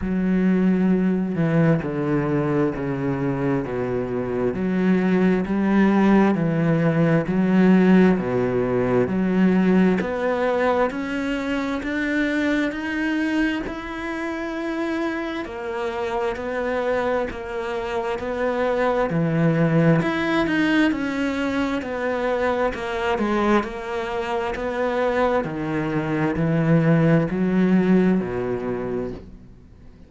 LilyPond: \new Staff \with { instrumentName = "cello" } { \time 4/4 \tempo 4 = 66 fis4. e8 d4 cis4 | b,4 fis4 g4 e4 | fis4 b,4 fis4 b4 | cis'4 d'4 dis'4 e'4~ |
e'4 ais4 b4 ais4 | b4 e4 e'8 dis'8 cis'4 | b4 ais8 gis8 ais4 b4 | dis4 e4 fis4 b,4 | }